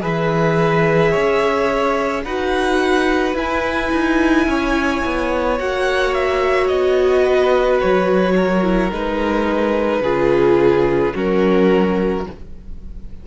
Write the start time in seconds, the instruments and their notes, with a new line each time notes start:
0.00 cello E3, viola G#4, violin B4 E5
1.10 cello C#4, violin C#5
2.24 cello D#4, viola F#4, violin B4 F#5
3.33 cello E4, viola E4, violin G#5
3.92 cello D#4
4.46 cello C#4, violin C#5
5.05 cello B3
5.58 cello A#3, viola F#4, violin F#5
6.13 violin E5
6.67 cello B3, violin D#5
7.22 violin B4
7.80 cello F#3, violin C#5
8.36 violin A#4
8.62 viola E4
8.91 cello G#3, viola D#4, violin B4
10.00 cello C#3, viola F4, violin G#4
11.14 cello F#3, viola C#4, violin F#4 A#4